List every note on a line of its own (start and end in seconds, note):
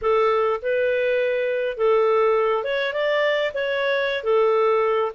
0.01 0.60 A4
0.62 1.77 B4
1.77 2.64 A4
2.64 2.93 C#5
2.93 3.52 D5
3.54 4.23 C#5
4.23 5.11 A4